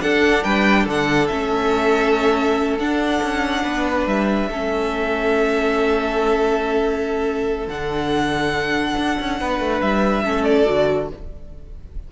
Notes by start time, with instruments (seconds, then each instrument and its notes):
0.00 viola D4, cello D4, violin A4 F#5
0.43 cello G3, violin B4 G5
0.83 cello D3, violin A4
0.90 violin F#5
1.27 cello A3, viola C#4, violin E5
2.78 cello D4, viola D4, violin F#5
3.22 cello C#4
3.63 cello B3, violin B4
4.06 cello G3, violin E5
4.48 cello A3, viola C#4, violin A4
7.67 cello D3, viola D4, violin F#5
8.96 cello D4
9.19 cello C#4
9.40 cello B3, violin B4
9.59 cello A3
9.81 cello G3, violin E5
10.24 cello A3, viola C#4, violin A4
10.44 violin D5
10.65 cello D3, viola F#4